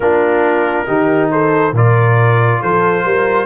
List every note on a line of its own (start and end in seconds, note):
0.00 0.85 A#3
0.00 0.86 D4
0.00 0.86 F4
0.00 1.29 A#4
0.86 1.72 D#3
0.86 1.73 D#4
0.86 1.30 G4
1.31 1.73 A4
1.31 1.74 C5
1.72 2.59 A#2
1.72 3.46 F4
1.72 2.60 A#4
1.72 2.62 D5
2.61 3.04 F3
2.61 3.04 A4
2.61 3.46 C5
3.04 3.46 G3
3.04 3.46 A#4